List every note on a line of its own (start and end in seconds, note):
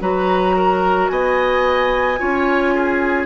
0.00 1.10 F#3
0.00 2.18 F#4
0.00 0.56 B4
0.00 1.09 A#5
0.56 1.11 A#4
1.09 2.19 B3
1.09 2.20 D#5
1.09 3.26 G#5
2.19 3.26 C#4
2.19 3.26 F4
2.19 2.74 C#5
2.74 3.26 G#4